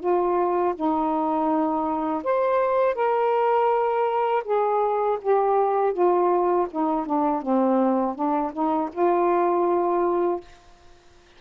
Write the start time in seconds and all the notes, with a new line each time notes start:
0.00 F4
0.75 D#4
2.24 C5
2.95 A#4
4.44 G#4
5.22 G4
5.93 F4
6.71 D#4
7.06 D4
7.42 C4
8.15 D4
8.53 D#4
8.92 F4